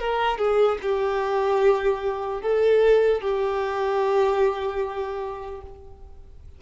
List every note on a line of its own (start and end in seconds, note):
0.00 0.39 A#4
0.39 0.79 G#4
0.82 2.42 G4
2.42 3.22 A4
3.22 5.62 G4